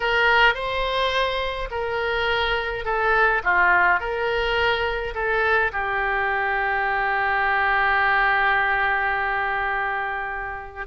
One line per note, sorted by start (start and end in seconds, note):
0.00 0.54 A#4
0.54 1.68 C5
1.70 2.84 A#4
2.84 3.41 A4
3.43 3.99 F4
3.99 5.14 A#4
5.14 5.71 A4
5.72 10.86 G4